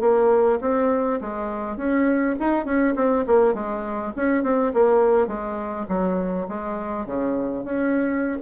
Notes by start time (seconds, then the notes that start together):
0.00 A#3
0.61 C4
1.21 G#3
1.77 C#4
2.39 D#4
2.65 C#4
2.95 C4
3.26 A#3
3.54 G#3
4.16 C#4
4.43 C4
4.74 A#3
5.27 G#3
5.88 F#3
6.48 G#3
7.06 C#3
7.64 C#4